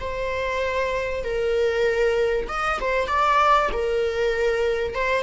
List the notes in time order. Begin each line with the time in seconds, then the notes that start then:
0.00 C5
1.24 A#4
2.48 D#5
2.80 C5
3.08 D5
3.72 A#4
4.94 C5